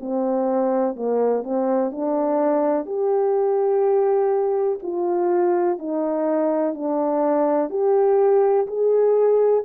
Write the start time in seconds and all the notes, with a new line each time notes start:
0.00 C4
0.95 A#3
1.43 C4
1.91 D4
2.85 G4
4.83 F4
5.78 D#4
6.74 D4
7.69 G4
8.67 G#4